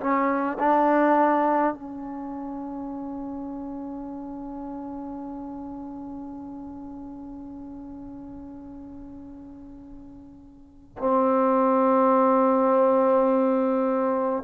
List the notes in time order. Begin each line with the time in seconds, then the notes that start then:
0.00 C#4
0.59 D4
1.74 C#4
10.98 C4